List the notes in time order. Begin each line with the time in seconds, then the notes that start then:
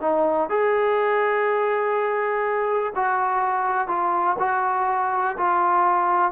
0.00 D#4
0.49 G#4
2.95 F#4
3.87 F4
4.39 F#4
5.37 F4